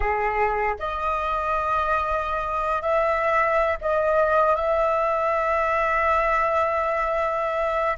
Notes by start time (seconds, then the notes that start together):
0.00 G#4
0.79 D#5
2.82 E5
3.81 D#5
4.55 E5